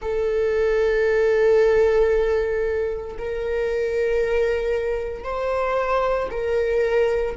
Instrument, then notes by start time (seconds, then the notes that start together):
viola
0.01 A4
3.18 A#4
5.23 C5
6.30 A#4